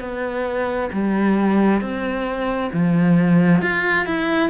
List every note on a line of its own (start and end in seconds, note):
0.00 0.90 B3
0.92 1.81 G3
1.81 2.71 C4
2.73 3.62 F3
3.62 4.06 F4
4.06 4.50 E4